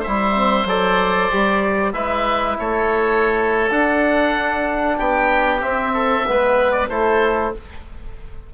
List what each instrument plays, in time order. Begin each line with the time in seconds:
0.00 oboe C5 E5
0.06 bassoon G3, trombone E4
0.34 trombone C4
0.65 bassoon F#3, trombone A4, oboe D5
1.31 bassoon G3, trombone G4
1.93 bassoon G#3, trombone E4, oboe B4 E5
2.59 bassoon A3, oboe A4 C#5
3.70 trombone D4, bassoon D4, oboe F#5
4.97 bassoon B3, oboe G4 G5
5.61 trombone C4, bassoon C4, oboe E5
5.94 oboe A4
6.26 bassoon G#3, trombone B3, oboe B4
6.72 oboe D5
6.88 bassoon A3, trombone E4, oboe A4 C5